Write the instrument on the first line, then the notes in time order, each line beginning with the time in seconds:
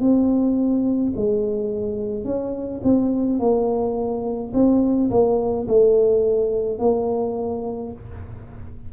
tuba
0.00 C4
1.16 G#3
2.24 C#4
2.84 C4
3.39 A#3
4.53 C4
5.10 A#3
5.68 A3
6.79 A#3